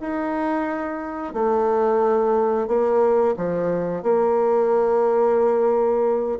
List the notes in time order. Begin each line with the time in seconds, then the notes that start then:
0.00 D#4
1.33 A3
2.67 A#3
3.36 F3
4.02 A#3